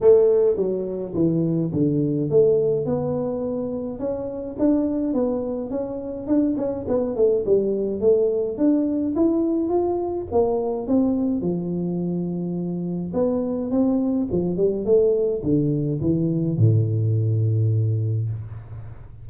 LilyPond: \new Staff \with { instrumentName = "tuba" } { \time 4/4 \tempo 4 = 105 a4 fis4 e4 d4 | a4 b2 cis'4 | d'4 b4 cis'4 d'8 cis'8 | b8 a8 g4 a4 d'4 |
e'4 f'4 ais4 c'4 | f2. b4 | c'4 f8 g8 a4 d4 | e4 a,2. | }